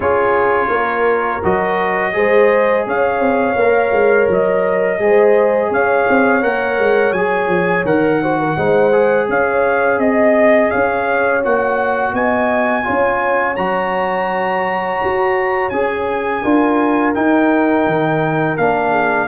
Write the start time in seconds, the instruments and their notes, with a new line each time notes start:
0.00 tuba C#4, trombone F4, horn G#4, trumpet C#5
0.68 tuba A#3, horn A#4
1.43 tuba F#3, trombone F#4, trumpet D#5
2.12 tuba G#3, trombone G#4, horn C5
2.86 tuba C#4, horn C#5, trumpet F5
3.19 tuba C4
3.55 tuba A#3, trombone A#4
3.92 tuba G#3
4.29 tuba F#3, trumpet D#5
4.99 tuba G#3, trombone G#4, horn C5
5.69 tuba C#4, horn C#5, trumpet F5
6.08 tuba C4
6.42 tuba A#3, trombone A#4, trumpet F#5
6.79 tuba G#3
7.11 tuba F#3, trombone G#4, trumpet G#5
7.47 tuba F3
7.84 tuba D#3, trombone A#4, trumpet F#5
8.22 trombone F#4, horn C5
8.38 horn A#4
8.57 tuba G#3, trombone D#4, horn C5
8.92 trombone G#4
9.28 tuba C#4, horn C#5, trumpet F5
9.98 tuba C4, trumpet D#5, horn D#5
10.70 tuba C#4, horn C#5, trumpet F5
11.42 tuba A#3, trombone F#4, trumpet F#5
12.13 tuba B3, horn D#5, trumpet G#5
12.83 trombone F4, horn C#5
12.89 tuba C#4
13.56 tuba F#3, trombone F#4, trumpet A#5
15.03 tuba F#4
15.69 tuba C#4, trombone G#4, trumpet G#5
16.41 tuba D4, trombone F4, horn A#4
17.14 trombone D#4, tuba D#4, trumpet G5
17.86 tuba D#3
18.57 tuba A#3, trombone D4, trumpet F5
18.91 horn G#4